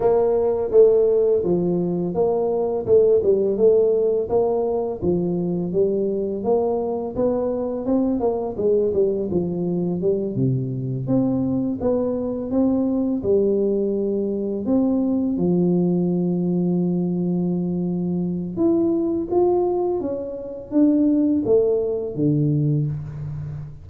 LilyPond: \new Staff \with { instrumentName = "tuba" } { \time 4/4 \tempo 4 = 84 ais4 a4 f4 ais4 | a8 g8 a4 ais4 f4 | g4 ais4 b4 c'8 ais8 | gis8 g8 f4 g8 c4 c'8~ |
c'8 b4 c'4 g4.~ | g8 c'4 f2~ f8~ | f2 e'4 f'4 | cis'4 d'4 a4 d4 | }